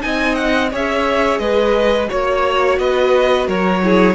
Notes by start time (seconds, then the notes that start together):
0.00 C4 D#4 D#5 G#5
0.35 F#5
0.71 C#4 G#4 C#5 E5
1.38 G#3 B4 D#5
2.08 A#3 F#4 C#5
2.79 B3 B4 D#5
3.47 F#3 A#4 C#5
3.83 E4 G#4